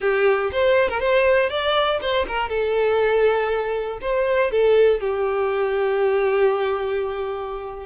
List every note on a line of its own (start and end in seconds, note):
0.00 0.50 G4
0.51 0.88 C5
0.88 1.00 A#4
1.00 1.49 C5
1.49 1.99 D5
2.01 2.26 C5
2.27 2.49 A#4
2.49 3.99 A4
4.01 4.51 C5
4.51 5.00 A4
5.00 7.85 G4